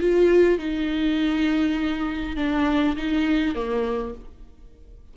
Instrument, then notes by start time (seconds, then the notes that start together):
viola
0.00 F4
0.58 D#4
2.36 D4
2.96 D#4
3.55 A#3